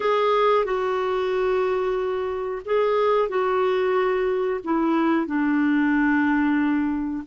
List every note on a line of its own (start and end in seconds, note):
0.00 0.64 G#4
0.64 2.62 F#4
2.65 3.28 G#4
3.28 4.60 F#4
4.64 5.26 E4
5.26 7.23 D4